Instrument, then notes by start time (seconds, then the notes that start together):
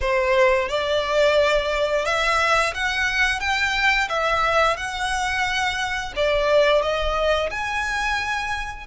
violin
0.00 C5
0.68 D5
2.05 E5
2.74 F#5
3.40 G5
4.08 E5
4.77 F#5
6.15 D5
6.82 D#5
7.50 G#5